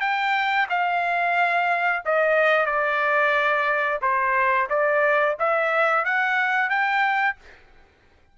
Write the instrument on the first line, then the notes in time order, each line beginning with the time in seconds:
trumpet
0.00 G5
0.69 F5
2.05 D#5
2.65 D5
4.01 C5
4.69 D5
5.39 E5
6.05 F#5
6.69 G5